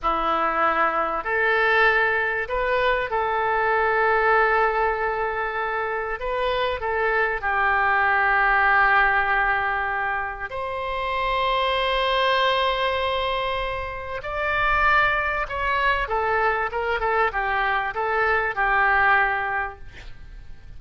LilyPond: \new Staff \with { instrumentName = "oboe" } { \time 4/4 \tempo 4 = 97 e'2 a'2 | b'4 a'2.~ | a'2 b'4 a'4 | g'1~ |
g'4 c''2.~ | c''2. d''4~ | d''4 cis''4 a'4 ais'8 a'8 | g'4 a'4 g'2 | }